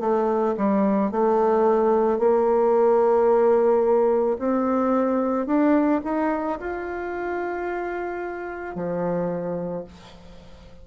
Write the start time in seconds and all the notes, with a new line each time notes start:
0.00 A3
0.57 G3
1.11 A3
2.19 A#3
4.39 C4
5.46 D4
6.04 D#4
6.60 F4
8.75 F3